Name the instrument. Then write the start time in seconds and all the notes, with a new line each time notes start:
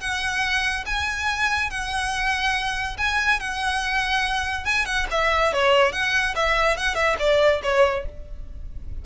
violin
0.00 F#5
0.86 G#5
1.70 F#5
2.98 G#5
3.40 F#5
4.65 G#5
4.85 F#5
5.11 E5
5.53 C#5
5.92 F#5
6.36 E5
6.77 F#5
6.95 E5
7.19 D5
7.63 C#5